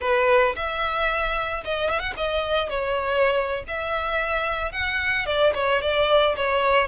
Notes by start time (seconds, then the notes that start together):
0.00 B4
0.56 E5
1.64 D#5
1.89 E5
1.99 F#5
2.16 D#5
2.69 C#5
3.67 E5
4.72 F#5
5.26 D5
5.54 C#5
5.81 D5
6.36 C#5